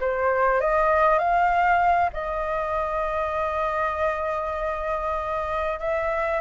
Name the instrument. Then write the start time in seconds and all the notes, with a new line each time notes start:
flute
0.00 C5
0.61 D#5
1.19 F5
2.13 D#5
5.79 E5